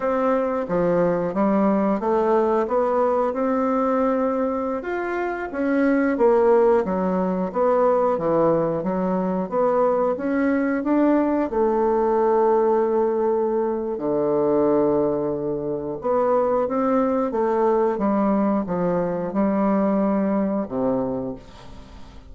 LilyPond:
\new Staff \with { instrumentName = "bassoon" } { \time 4/4 \tempo 4 = 90 c'4 f4 g4 a4 | b4 c'2~ c'16 f'8.~ | f'16 cis'4 ais4 fis4 b8.~ | b16 e4 fis4 b4 cis'8.~ |
cis'16 d'4 a2~ a8.~ | a4 d2. | b4 c'4 a4 g4 | f4 g2 c4 | }